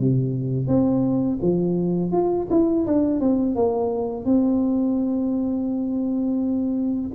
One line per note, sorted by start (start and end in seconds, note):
0.00 0.68 C3
0.68 1.40 C4
1.43 2.12 F3
2.12 2.48 F4
2.51 2.87 E4
2.87 3.21 D4
3.21 3.56 C4
3.56 4.26 A#3
4.26 7.11 C4